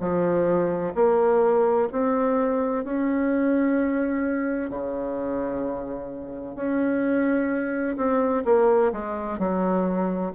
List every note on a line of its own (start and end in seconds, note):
0.00 0.94 F3
0.95 1.88 A#3
1.92 2.84 C4
2.84 4.70 C#4
4.70 6.55 C#3
6.55 7.96 C#4
7.97 8.44 C4
8.45 8.92 A#3
8.92 9.39 G#3
9.39 10.33 F#3